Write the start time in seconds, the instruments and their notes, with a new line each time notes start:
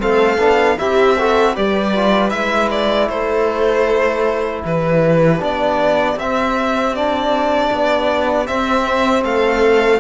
0.00 cello A3, trombone C4, viola A4, violin F5
0.38 cello B3, trombone D4
0.78 cello C4, trombone E4, viola G4, violin E5
1.19 trombone F#4, viola A4
1.54 cello G3, trombone G4, viola B4, violin D5
1.95 trombone F4
2.30 cello G#3, trombone E4, violin E5
2.71 violin D5
3.09 cello A3, viola A4, violin C5
4.64 cello E3, viola G4, violin B4
5.40 cello B3, trombone D4, violin D5
6.16 cello C4, trombone C4, violin E5
6.95 trombone D4, violin D5
7.72 cello B3
8.46 trombone C4, cello C4, violin E5
9.24 cello A3, viola A4, violin F5